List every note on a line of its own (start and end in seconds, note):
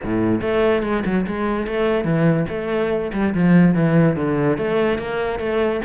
0.04 0.41 A2
0.41 0.82 A3
0.82 1.03 G#3
1.05 1.25 F#3
1.26 1.66 G#3
1.66 2.04 A3
2.04 2.46 E3
2.48 3.11 A3
3.13 3.34 G3
3.34 3.75 F3
3.75 4.16 E3
4.16 4.57 D3
4.57 4.98 A3
4.98 5.39 A#3
5.39 5.80 A3